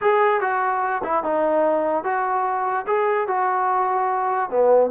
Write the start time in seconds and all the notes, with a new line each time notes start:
0.01 G#4
0.40 F#4
1.03 E4
1.23 D#4
2.04 F#4
2.86 G#4
3.27 F#4
4.49 B3